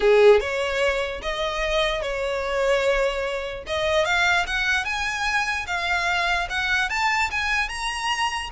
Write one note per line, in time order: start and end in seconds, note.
0.00 0.39 G#4
0.39 1.21 C#5
1.22 2.02 D#5
2.02 3.64 C#5
3.66 4.05 D#5
4.05 4.45 F5
4.46 4.84 F#5
4.84 5.66 G#5
5.66 6.48 F5
6.49 6.89 F#5
6.89 7.30 A5
7.30 7.68 G#5
7.68 8.49 A#5